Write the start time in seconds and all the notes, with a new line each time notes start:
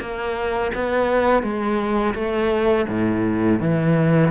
0.00 A#3
0.75 B3
1.43 G#3
2.15 A3
2.89 A2
3.60 E3